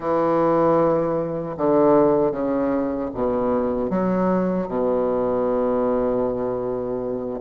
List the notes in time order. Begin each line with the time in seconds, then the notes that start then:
0.00 E3
1.57 D3
2.31 C#3
3.14 B2
3.90 F#3
4.68 B2